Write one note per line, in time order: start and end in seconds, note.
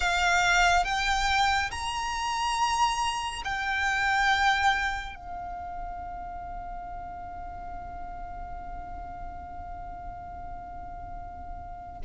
0.00 0.84 F5
0.84 1.70 G5
1.71 3.42 A#5
3.44 5.15 G5
5.15 12.01 F5